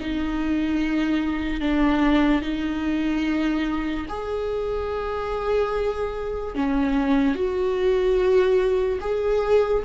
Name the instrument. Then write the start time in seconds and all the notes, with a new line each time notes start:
viola
0.00 D#4
1.61 D4
2.42 D#4
4.09 G#4
6.55 C#4
7.35 F#4
9.01 G#4